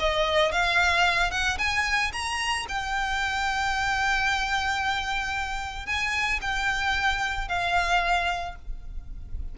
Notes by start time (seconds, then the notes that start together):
0.00 D#5
0.52 F5
1.31 F#5
1.59 G#5
2.13 A#5
2.69 G5
5.87 G#5
6.42 G5
7.49 F5